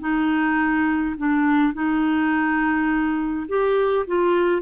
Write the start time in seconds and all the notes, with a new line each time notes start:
0.00 D#4
1.17 D4
1.74 D#4
3.49 G4
4.07 F4